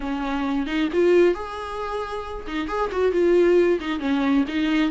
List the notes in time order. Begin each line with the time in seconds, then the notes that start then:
0.00 C#4
0.66 D#4
0.92 F4
1.34 G#4
2.47 D#4
2.67 G#4
2.91 F#4
3.12 F4
3.80 D#4
3.99 C#4
4.48 D#4